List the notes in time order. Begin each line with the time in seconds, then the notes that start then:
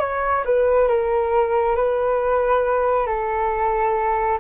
0.00 C#5
0.45 B4
0.88 A#4
1.76 B4
3.07 A4